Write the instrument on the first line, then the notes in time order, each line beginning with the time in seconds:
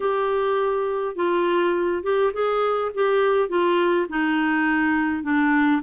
clarinet
0.00 G4
1.15 F4
2.03 G4
2.33 G#4
2.94 G4
3.48 F4
4.09 D#4
5.23 D4